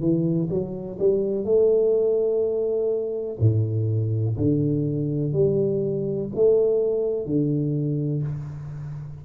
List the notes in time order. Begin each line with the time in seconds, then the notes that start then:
0.00 E3
0.50 F#3
0.99 G3
1.44 A3
3.40 A2
4.37 D3
5.32 G3
6.35 A3
7.25 D3